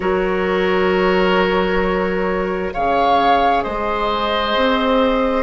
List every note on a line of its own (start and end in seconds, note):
0.00 2.72 F#3
0.00 2.72 F#4
0.00 2.73 A#4
0.00 2.72 C#5
2.72 3.65 C#3
2.72 5.42 G#4
2.72 3.63 C#5
2.72 3.62 F5
3.62 4.55 G#3
3.62 5.42 C5
3.62 5.42 D#5
4.55 5.42 C4